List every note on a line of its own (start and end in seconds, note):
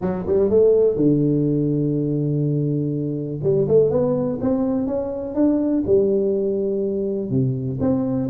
0.01 0.25 F#3
0.26 0.50 G3
0.50 0.96 A3
0.96 3.40 D3
3.43 3.67 G3
3.67 3.90 A3
3.90 4.39 B3
4.41 4.86 C4
4.86 5.34 C#4
5.34 5.83 D4
5.86 7.30 G3
7.30 7.78 C3
7.80 8.29 C4